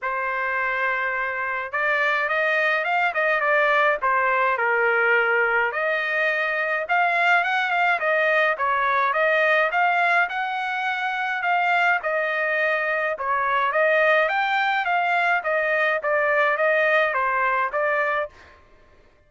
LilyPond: \new Staff \with { instrumentName = "trumpet" } { \time 4/4 \tempo 4 = 105 c''2. d''4 | dis''4 f''8 dis''8 d''4 c''4 | ais'2 dis''2 | f''4 fis''8 f''8 dis''4 cis''4 |
dis''4 f''4 fis''2 | f''4 dis''2 cis''4 | dis''4 g''4 f''4 dis''4 | d''4 dis''4 c''4 d''4 | }